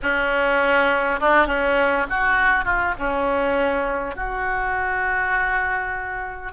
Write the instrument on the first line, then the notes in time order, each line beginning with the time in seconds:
oboe
0.02 C#4
1.20 D4
1.46 C#4
2.09 F#4
2.64 F4
2.99 C#4
4.15 F#4